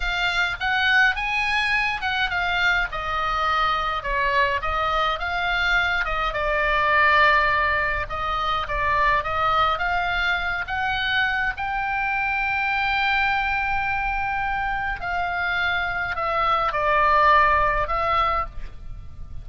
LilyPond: \new Staff \with { instrumentName = "oboe" } { \time 4/4 \tempo 4 = 104 f''4 fis''4 gis''4. fis''8 | f''4 dis''2 cis''4 | dis''4 f''4. dis''8 d''4~ | d''2 dis''4 d''4 |
dis''4 f''4. fis''4. | g''1~ | g''2 f''2 | e''4 d''2 e''4 | }